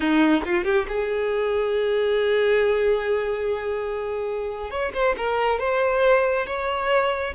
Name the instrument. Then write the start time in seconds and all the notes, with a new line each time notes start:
violin
0.00 D#4
0.45 F4
0.64 G4
0.88 G#4
4.70 C#5
4.93 C5
5.17 A#4
5.59 C5
6.46 C#5